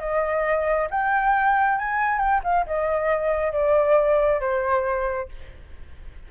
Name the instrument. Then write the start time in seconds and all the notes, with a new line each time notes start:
flute
0.00 D#5
0.91 G5
1.79 G#5
2.19 G5
2.44 F5
2.67 D#5
3.53 D5
4.41 C5